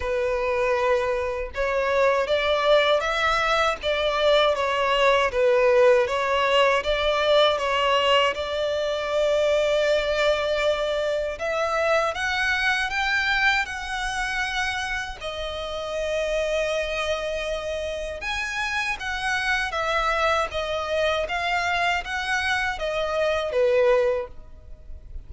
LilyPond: \new Staff \with { instrumentName = "violin" } { \time 4/4 \tempo 4 = 79 b'2 cis''4 d''4 | e''4 d''4 cis''4 b'4 | cis''4 d''4 cis''4 d''4~ | d''2. e''4 |
fis''4 g''4 fis''2 | dis''1 | gis''4 fis''4 e''4 dis''4 | f''4 fis''4 dis''4 b'4 | }